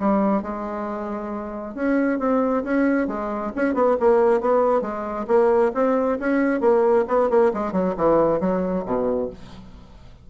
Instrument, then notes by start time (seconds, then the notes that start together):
bassoon
0.00 G3
0.43 G#3
1.75 C#4
2.19 C4
2.64 C#4
3.08 G#3
3.56 C#4
3.75 B3
4.00 A#3
4.41 B3
4.82 G#3
5.28 A#3
5.75 C4
6.20 C#4
6.61 A#3
7.08 B3
7.30 A#3
7.54 G#3
7.73 F#3
7.98 E3
8.41 F#3
8.86 B2